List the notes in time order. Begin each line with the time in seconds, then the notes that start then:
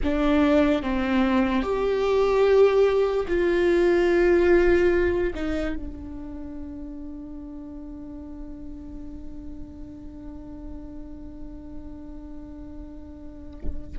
0.03 D4
0.82 C4
1.62 G4
3.28 F4
5.34 D#4
5.75 D4